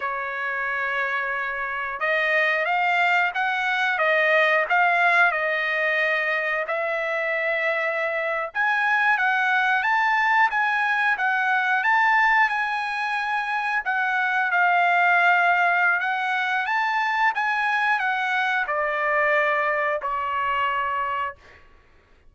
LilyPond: \new Staff \with { instrumentName = "trumpet" } { \time 4/4 \tempo 4 = 90 cis''2. dis''4 | f''4 fis''4 dis''4 f''4 | dis''2 e''2~ | e''8. gis''4 fis''4 a''4 gis''16~ |
gis''8. fis''4 a''4 gis''4~ gis''16~ | gis''8. fis''4 f''2~ f''16 | fis''4 a''4 gis''4 fis''4 | d''2 cis''2 | }